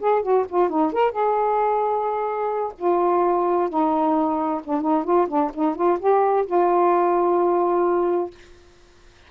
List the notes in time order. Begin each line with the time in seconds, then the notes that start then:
0.00 G#4
0.22 F#4
0.49 F4
0.69 D#4
0.93 A#4
1.11 G#4
2.78 F4
3.69 D#4
4.64 D4
4.81 D#4
5.04 F4
5.28 D4
5.54 D#4
5.75 F4
5.99 G4
6.46 F4